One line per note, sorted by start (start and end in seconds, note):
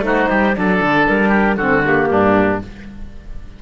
0.00 0.26 A3
0.00 0.53 D#4
0.00 0.29 F#4
0.00 0.56 C5
0.29 0.56 G3
0.29 0.55 G4
0.53 0.81 F#3
0.53 1.56 D4
0.53 1.29 A4
0.53 1.07 D5
0.81 1.07 D3
1.07 1.57 G3
1.07 1.57 A#4
1.29 1.55 G4
1.57 2.08 D3
1.57 1.83 C4
1.57 2.08 F#4
1.57 1.82 A4
1.83 2.60 A#3
1.83 2.62 G4
2.10 2.61 G2
2.10 2.62 D4